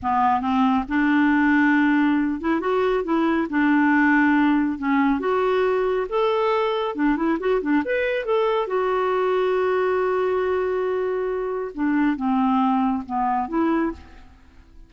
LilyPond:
\new Staff \with { instrumentName = "clarinet" } { \time 4/4 \tempo 4 = 138 b4 c'4 d'2~ | d'4. e'8 fis'4 e'4 | d'2. cis'4 | fis'2 a'2 |
d'8 e'8 fis'8 d'8 b'4 a'4 | fis'1~ | fis'2. d'4 | c'2 b4 e'4 | }